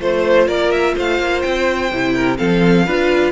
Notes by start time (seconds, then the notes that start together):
0.00 A3 F4 C5
0.47 A#3 A#4 D5
0.71 E5
0.94 A3 C5 F5
1.19 A#3
1.41 C4 G5
1.91 C3 E4
2.14 A#4
2.37 F3 C4 A4 F5
2.85 D4 F4 B4